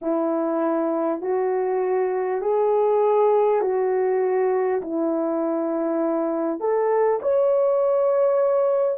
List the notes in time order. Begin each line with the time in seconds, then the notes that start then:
0.01 E4
1.21 F#4
2.41 G#4
3.61 F#4
4.81 E4
6.60 A4
7.22 C#5